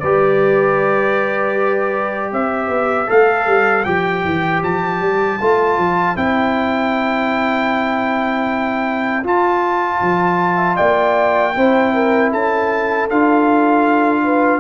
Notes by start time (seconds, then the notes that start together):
0.00 G3 G4 B4 D5
2.32 C4 C5 E5
2.69 B3
3.07 A3 A4 F5
3.47 G3
3.84 F3 G4 G5
4.24 E3
4.63 F3 A5
5.00 G3
5.41 A3 F4
5.77 F3
6.16 C4 E4 G5
9.24 F4 A5
10.01 F3
10.56 E5
10.76 A#3 D5 G5
11.56 C4 E4 C5
11.94 A#4
12.31 C#4 A4 A5
13.10 D4 F4 F5
14.24 B4